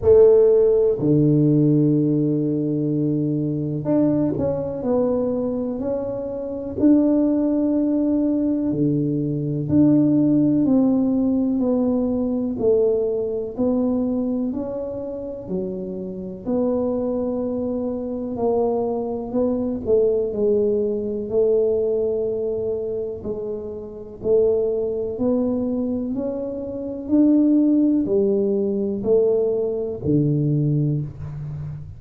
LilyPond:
\new Staff \with { instrumentName = "tuba" } { \time 4/4 \tempo 4 = 62 a4 d2. | d'8 cis'8 b4 cis'4 d'4~ | d'4 d4 d'4 c'4 | b4 a4 b4 cis'4 |
fis4 b2 ais4 | b8 a8 gis4 a2 | gis4 a4 b4 cis'4 | d'4 g4 a4 d4 | }